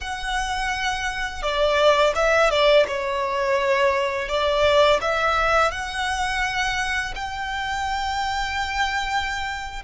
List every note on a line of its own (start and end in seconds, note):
0.00 1.42 F#5
1.42 2.13 D5
2.15 2.50 E5
2.50 2.86 D5
2.87 4.28 C#5
4.28 5.00 D5
5.01 5.71 E5
5.71 7.14 F#5
7.15 9.82 G5